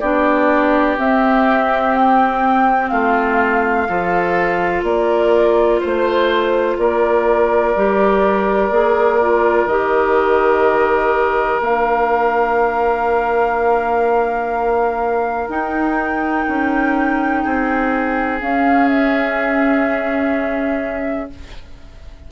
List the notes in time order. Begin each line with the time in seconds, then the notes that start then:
0.00 B3 D4 G4 D5
0.98 C4 E5
1.96 G5
2.90 A3 F4 F5
3.89 F3 F4 A4
4.84 A#3 A#4 D5
5.81 A3 C5
6.78 A#3 A#4 D5
7.76 G3 G4
8.71 A#3 G#4
9.21 F4
9.67 D#3 G4 D#5
11.61 A#3 D4 F5
15.49 D#4 G5
16.48 C#4
17.43 C4 G#4
18.40 C#4 F5
18.89 E5